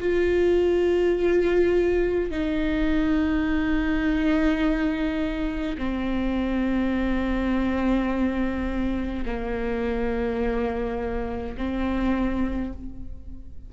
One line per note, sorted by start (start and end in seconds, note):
0.00 2.31 F4
2.31 5.77 D#4
5.78 9.24 C4
9.26 11.56 A#3
11.58 12.73 C4